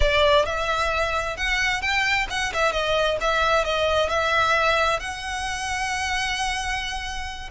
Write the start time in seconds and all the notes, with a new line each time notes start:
0.00 D5
0.45 E5
1.36 F#5
1.81 G5
2.30 F#5
2.53 E5
2.71 D#5
3.20 E5
3.64 D#5
4.09 E5
4.99 F#5